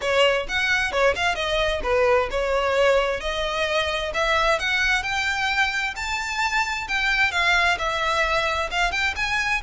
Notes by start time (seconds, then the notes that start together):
0.01 C#5
0.48 F#5
0.92 C#5
1.15 F5
1.35 D#5
1.83 B4
2.30 C#5
3.20 D#5
4.13 E5
4.59 F#5
5.03 G5
5.96 A5
6.88 G5
7.31 F5
7.78 E5
8.70 F5
8.91 G5
9.16 G#5